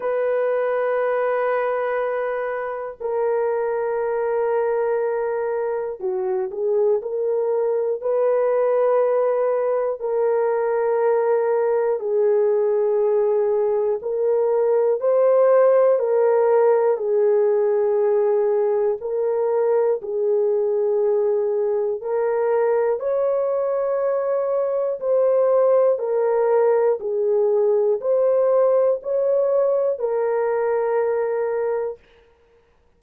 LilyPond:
\new Staff \with { instrumentName = "horn" } { \time 4/4 \tempo 4 = 60 b'2. ais'4~ | ais'2 fis'8 gis'8 ais'4 | b'2 ais'2 | gis'2 ais'4 c''4 |
ais'4 gis'2 ais'4 | gis'2 ais'4 cis''4~ | cis''4 c''4 ais'4 gis'4 | c''4 cis''4 ais'2 | }